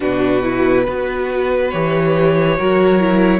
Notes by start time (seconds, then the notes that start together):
0.00 B2 D4 F#4 B4
0.42 E4
0.83 B3 F#4 B4
1.70 E3 G4 C#5
2.57 F#3 F#4 A#4
2.99 E4